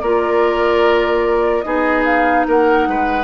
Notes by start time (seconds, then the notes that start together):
0.00 A#3 F4 A#4 D5
1.62 B3 D#4 G#4 D#5
2.05 F5
2.47 A#3 A#4 F#5
2.88 G#3 B4